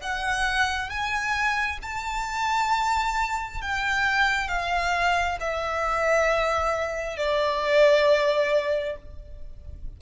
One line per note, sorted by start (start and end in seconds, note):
0.00 0.89 F#5
0.89 1.78 G#5
1.82 3.61 A5
3.61 4.48 G5
4.48 5.37 F5
5.40 7.17 E5
7.17 8.96 D5